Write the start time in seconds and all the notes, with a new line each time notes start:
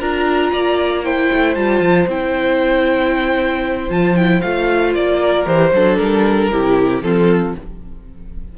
0.00 D4 F4 A#4 A#5
0.52 A#3 D5
1.05 E4 C5 G5
1.33 A3
1.55 G3 F4 A5
1.80 F3
2.07 C4 E4 G5
3.90 F3 F4 A5
4.16 E4 G5
4.41 A3 F4 F5
4.95 A#3 D5
5.20 A#4
5.46 E3 G4 C5
5.73 F#3 D4 A4
5.97 G3 A#4
6.52 C3 E4 G4
7.03 F3 C4 F4 A4